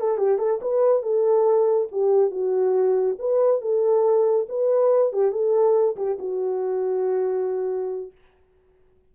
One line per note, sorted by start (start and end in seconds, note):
0.00 0.18 A4
0.18 0.39 G4
0.39 0.60 A4
0.62 1.03 B4
1.03 1.88 A4
1.92 2.31 G4
2.31 3.17 F#4
3.19 3.61 B4
3.61 4.47 A4
4.49 5.13 B4
5.13 5.32 G4
5.32 5.96 A4
5.96 6.18 G4
6.19 8.12 F#4